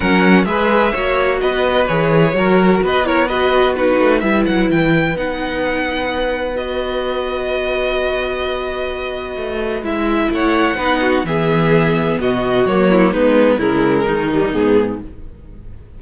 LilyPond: <<
  \new Staff \with { instrumentName = "violin" } { \time 4/4 \tempo 4 = 128 fis''4 e''2 dis''4 | cis''2 dis''8 cis''8 dis''4 | b'4 e''8 fis''8 g''4 fis''4~ | fis''2 dis''2~ |
dis''1~ | dis''4 e''4 fis''2 | e''2 dis''4 cis''4 | b'4 ais'2 gis'4 | }
  \new Staff \with { instrumentName = "violin" } { \time 4/4 ais'4 b'4 cis''4 b'4~ | b'4 ais'4 b'8 ais'8 b'4 | fis'4 b'2.~ | b'1~ |
b'1~ | b'2 cis''4 b'8 fis'8 | gis'2 fis'4. e'8 | dis'4 e'4 dis'2 | }
  \new Staff \with { instrumentName = "viola" } { \time 4/4 cis'4 gis'4 fis'2 | gis'4 fis'4. e'8 fis'4 | dis'4 e'2 dis'4~ | dis'2 fis'2~ |
fis'1~ | fis'4 e'2 dis'4 | b2. ais4 | b4 gis4. g8 b4 | }
  \new Staff \with { instrumentName = "cello" } { \time 4/4 fis4 gis4 ais4 b4 | e4 fis4 b2~ | b8 a8 g8 fis8 e4 b4~ | b1~ |
b1 | a4 gis4 a4 b4 | e2 b,4 fis4 | gis4 cis4 dis4 gis,4 | }
>>